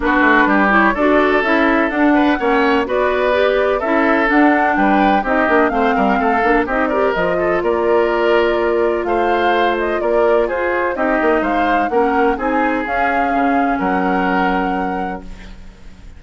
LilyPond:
<<
  \new Staff \with { instrumentName = "flute" } { \time 4/4 \tempo 4 = 126 b'4. cis''8 d''4 e''4 | fis''2 d''2 | e''4 fis''4 g''4 dis''4 | f''2 dis''8 d''8 dis''4 |
d''2. f''4~ | f''8 dis''8 d''4 c''4 dis''4 | f''4 fis''4 gis''4 f''4~ | f''4 fis''2. | }
  \new Staff \with { instrumentName = "oboe" } { \time 4/4 fis'4 g'4 a'2~ | a'8 b'8 cis''4 b'2 | a'2 b'4 g'4 | c''8 ais'8 a'4 g'8 ais'4 a'8 |
ais'2. c''4~ | c''4 ais'4 gis'4 g'4 | c''4 ais'4 gis'2~ | gis'4 ais'2. | }
  \new Staff \with { instrumentName = "clarinet" } { \time 4/4 d'4. e'8 fis'4 e'4 | d'4 cis'4 fis'4 g'4 | e'4 d'2 dis'8 d'8 | c'4. d'8 dis'8 g'8 f'4~ |
f'1~ | f'2. dis'4~ | dis'4 cis'4 dis'4 cis'4~ | cis'1 | }
  \new Staff \with { instrumentName = "bassoon" } { \time 4/4 b8 a8 g4 d'4 cis'4 | d'4 ais4 b2 | cis'4 d'4 g4 c'8 ais8 | a8 g8 a8 ais8 c'4 f4 |
ais2. a4~ | a4 ais4 f'4 c'8 ais8 | gis4 ais4 c'4 cis'4 | cis4 fis2. | }
>>